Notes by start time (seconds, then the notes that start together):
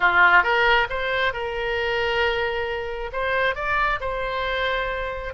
0.00 F4
0.43 A#4
0.89 C5
1.33 A#4
3.12 C5
3.55 D5
4.00 C5